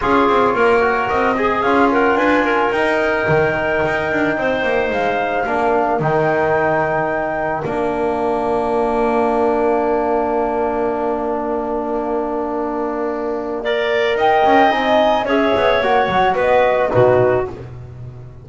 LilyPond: <<
  \new Staff \with { instrumentName = "flute" } { \time 4/4 \tempo 4 = 110 cis''2 dis''4 f''8 fis''8 | gis''4 g''2.~ | g''4 f''2 g''4~ | g''2 f''2~ |
f''1~ | f''1~ | f''2 g''4 gis''4 | e''4 fis''4 dis''4 b'4 | }
  \new Staff \with { instrumentName = "clarinet" } { \time 4/4 gis'4 ais'4. gis'4 ais'8 | b'8 ais'2.~ ais'8 | c''2 ais'2~ | ais'1~ |
ais'1~ | ais'1~ | ais'4 d''4 dis''2 | cis''2 b'4 fis'4 | }
  \new Staff \with { instrumentName = "trombone" } { \time 4/4 f'4. fis'4 gis'8 f'4~ | f'4 dis'2.~ | dis'2 d'4 dis'4~ | dis'2 d'2~ |
d'1~ | d'1~ | d'4 ais'2 dis'4 | gis'4 fis'2 dis'4 | }
  \new Staff \with { instrumentName = "double bass" } { \time 4/4 cis'8 c'8 ais4 c'4 cis'4 | d'4 dis'4 dis4 dis'8 d'8 | c'8 ais8 gis4 ais4 dis4~ | dis2 ais2~ |
ais1~ | ais1~ | ais2 dis'8 cis'8 c'4 | cis'8 b8 ais8 fis8 b4 b,4 | }
>>